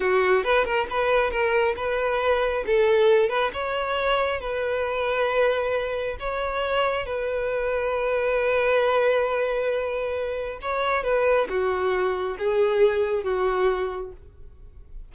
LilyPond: \new Staff \with { instrumentName = "violin" } { \time 4/4 \tempo 4 = 136 fis'4 b'8 ais'8 b'4 ais'4 | b'2 a'4. b'8 | cis''2 b'2~ | b'2 cis''2 |
b'1~ | b'1 | cis''4 b'4 fis'2 | gis'2 fis'2 | }